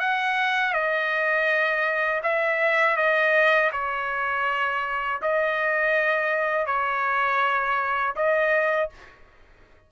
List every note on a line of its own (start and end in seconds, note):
0.00 0.73 F#5
0.73 2.22 D#5
2.23 2.97 E5
2.97 3.71 D#5
3.72 5.21 C#5
5.22 6.66 D#5
6.66 8.14 C#5
8.16 8.90 D#5